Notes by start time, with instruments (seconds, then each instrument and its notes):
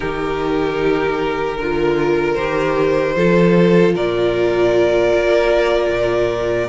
0.00 cello D#3, viola D#4, violin G4 A#4
1.57 cello D3, viola F4, violin A#4
2.34 cello D#3, viola G4, violin C5
3.16 cello F3, viola F4, violin A4
3.94 cello A#2, violin A#4 D5
5.13 cello A#3
5.90 cello A#2